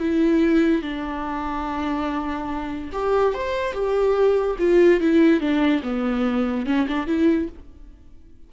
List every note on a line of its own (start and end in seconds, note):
0.00 0.83 E4
0.83 2.91 D4
2.93 3.34 G4
3.34 3.73 C5
3.73 4.57 G4
4.59 5.01 F4
5.01 5.41 E4
5.41 5.83 D4
5.83 6.66 B3
6.66 6.87 C#4
6.88 7.07 D4
7.07 7.49 E4